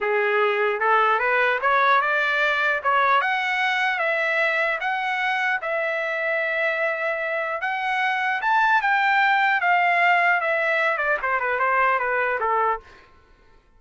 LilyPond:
\new Staff \with { instrumentName = "trumpet" } { \time 4/4 \tempo 4 = 150 gis'2 a'4 b'4 | cis''4 d''2 cis''4 | fis''2 e''2 | fis''2 e''2~ |
e''2. fis''4~ | fis''4 a''4 g''2 | f''2 e''4. d''8 | c''8 b'8 c''4 b'4 a'4 | }